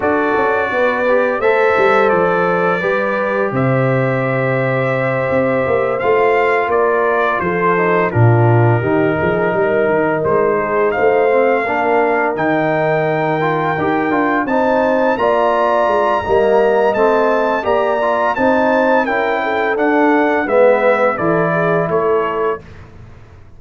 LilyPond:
<<
  \new Staff \with { instrumentName = "trumpet" } { \time 4/4 \tempo 4 = 85 d''2 e''4 d''4~ | d''4 e''2.~ | e''8 f''4 d''4 c''4 ais'8~ | ais'2~ ais'8 c''4 f''8~ |
f''4. g''2~ g''8~ | g''8 a''4 ais''2~ ais''8 | a''4 ais''4 a''4 g''4 | fis''4 e''4 d''4 cis''4 | }
  \new Staff \with { instrumentName = "horn" } { \time 4/4 a'4 b'4 c''2 | b'4 c''2.~ | c''4. ais'4 a'4 f'8~ | f'8 g'8 gis'8 ais'4. gis'8 c''8~ |
c''8 ais'2.~ ais'8~ | ais'8 c''4 d''4. dis''4~ | dis''4 d''4 c''4 ais'8 a'8~ | a'4 b'4 a'8 gis'8 a'4 | }
  \new Staff \with { instrumentName = "trombone" } { \time 4/4 fis'4. g'8 a'2 | g'1~ | g'8 f'2~ f'8 dis'8 d'8~ | d'8 dis'2.~ dis'8 |
c'8 d'4 dis'4. f'8 g'8 | f'8 dis'4 f'4. ais4 | c'4 g'8 f'8 dis'4 e'4 | d'4 b4 e'2 | }
  \new Staff \with { instrumentName = "tuba" } { \time 4/4 d'8 cis'8 b4 a8 g8 f4 | g4 c2~ c8 c'8 | ais8 a4 ais4 f4 ais,8~ | ais,8 dis8 f8 g8 dis8 gis4 a8~ |
a8 ais4 dis2 dis'8 | d'8 c'4 ais4 gis8 g4 | a4 ais4 c'4 cis'4 | d'4 gis4 e4 a4 | }
>>